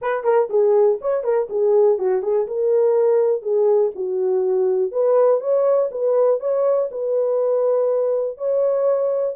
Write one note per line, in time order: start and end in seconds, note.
0.01 0.24 B4
0.24 0.48 A#4
0.49 0.99 G#4
1.01 1.23 C#5
1.23 1.48 A#4
1.49 1.98 G#4
1.98 2.22 F#4
2.22 2.46 G#4
2.47 3.42 A#4
3.42 3.91 G#4
3.95 4.91 F#4
4.91 5.40 B4
5.40 5.89 C#5
5.91 6.39 B4
6.39 6.89 C#5
6.91 8.37 B4
8.37 9.36 C#5